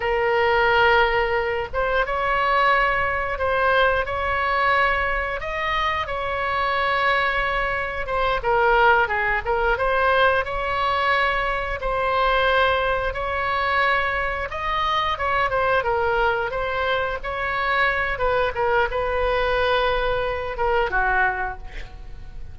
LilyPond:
\new Staff \with { instrumentName = "oboe" } { \time 4/4 \tempo 4 = 89 ais'2~ ais'8 c''8 cis''4~ | cis''4 c''4 cis''2 | dis''4 cis''2. | c''8 ais'4 gis'8 ais'8 c''4 cis''8~ |
cis''4. c''2 cis''8~ | cis''4. dis''4 cis''8 c''8 ais'8~ | ais'8 c''4 cis''4. b'8 ais'8 | b'2~ b'8 ais'8 fis'4 | }